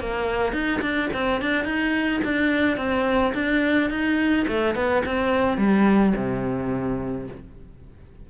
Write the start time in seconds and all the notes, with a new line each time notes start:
0.00 A#3
0.52 D#4
0.81 D4
1.13 C4
1.41 D4
1.64 D#4
2.24 D4
2.77 C4
3.34 D4
3.90 D#4
4.48 A3
4.75 B3
5.05 C4
5.57 G3
6.15 C3